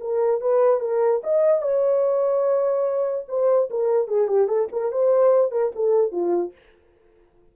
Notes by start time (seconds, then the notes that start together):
0.00 A#4
0.41 B4
0.80 A#4
1.23 D#5
1.62 C#5
3.28 C5
3.70 A#4
4.07 G#4
4.28 G4
4.48 A4
4.72 A#4
4.92 C5
5.51 A#4
5.75 A4
6.12 F4